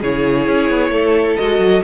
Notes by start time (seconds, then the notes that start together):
0.00 C#3 E4 G#4 C#5
0.47 C#4
0.69 B3
0.89 A3 A4
1.37 G#3 F#4 D#5
1.58 F#3